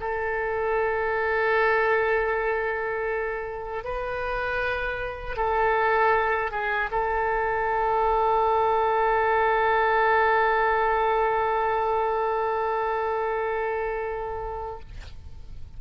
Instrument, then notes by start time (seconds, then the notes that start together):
oboe
0.00 A4
3.84 B4
5.37 A4
6.51 G#4
6.92 A4